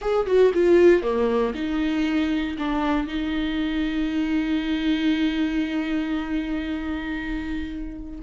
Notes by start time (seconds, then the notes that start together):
0.01 G#4
0.26 F#4
0.54 F4
1.02 A#3
1.54 D#4
2.58 D4
3.07 D#4